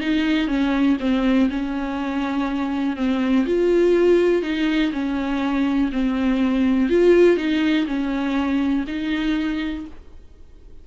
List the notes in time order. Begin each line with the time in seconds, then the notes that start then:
0.00 D#4
0.47 C#4
1.00 C4
1.50 C#4
2.96 C4
3.46 F4
4.42 D#4
4.92 C#4
5.92 C4
6.89 F4
7.37 D#4
7.86 C#4
8.87 D#4